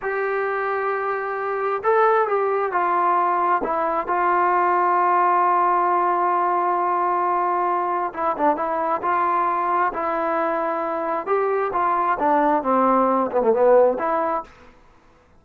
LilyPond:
\new Staff \with { instrumentName = "trombone" } { \time 4/4 \tempo 4 = 133 g'1 | a'4 g'4 f'2 | e'4 f'2.~ | f'1~ |
f'2 e'8 d'8 e'4 | f'2 e'2~ | e'4 g'4 f'4 d'4 | c'4. b16 a16 b4 e'4 | }